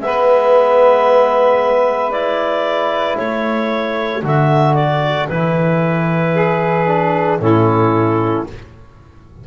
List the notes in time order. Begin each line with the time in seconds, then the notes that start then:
0.00 G#3 B3 B4 E5
2.11 E4 D5
3.18 A3 A4 C#5
4.23 D3 F#4 E5
4.75 D5
5.29 E3 E4 B4
6.34 G#4
6.87 D4
7.40 A2 C#4 E4 A4